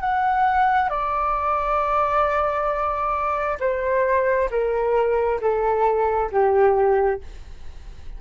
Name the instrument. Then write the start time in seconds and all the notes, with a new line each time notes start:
flute
0.00 F#5
0.89 D5
3.60 C5
4.50 A#4
5.41 A4
6.31 G4